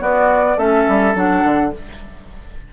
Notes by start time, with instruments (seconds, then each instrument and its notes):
0.00 clarinet B3, bassoon B3, oboe F#4, flute D5
0.57 bassoon A3, clarinet C#4, oboe A4, flute E5
0.88 bassoon G3
1.15 bassoon F#3, clarinet D4, flute F#5
1.44 bassoon D3